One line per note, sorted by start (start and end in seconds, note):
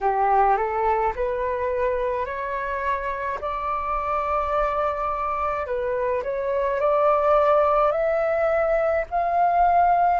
0.01 0.57 G4
0.57 1.13 A4
1.15 2.25 B4
2.25 3.39 C#5
3.40 5.66 D5
5.66 6.23 B4
6.23 6.79 C#5
6.79 7.91 D5
7.91 9.04 E5
9.10 10.20 F5